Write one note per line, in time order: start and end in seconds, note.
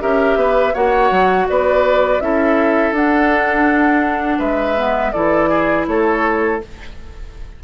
0.00 0.36 C#4
0.00 0.73 G4
0.00 0.39 A#4
0.00 0.75 E5
0.36 0.73 B3
0.36 0.74 B4
0.74 1.11 A#3
0.74 2.21 F#4
0.74 1.47 C#5
0.74 1.48 F#5
1.11 1.48 F#3
1.49 2.21 B3
1.49 2.23 B4
1.49 2.21 D5
2.21 2.92 C#4
2.21 2.95 E4
2.21 4.39 A4
2.21 2.94 E5
2.92 4.38 D4
2.92 4.77 D4
2.92 4.40 F#5
4.39 5.13 G#3
4.39 5.12 B4
4.39 5.12 E5
4.77 5.13 B3
5.12 5.87 E3
5.12 6.61 E4
5.12 5.50 A4
5.12 5.85 D5
5.50 5.86 G#4
5.87 6.61 A3
5.87 6.64 A4
5.87 6.61 C#5